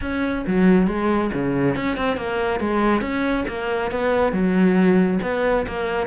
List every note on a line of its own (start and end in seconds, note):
0.01 0.44 C#4
0.46 0.87 F#3
0.87 1.30 G#3
1.33 1.75 C#3
1.75 1.96 C#4
1.96 2.16 C4
2.16 2.60 A#3
2.60 3.01 G#3
3.01 3.44 C#4
3.47 3.91 A#3
3.91 4.32 B3
4.32 5.19 F#3
5.22 5.66 B3
5.67 6.07 A#3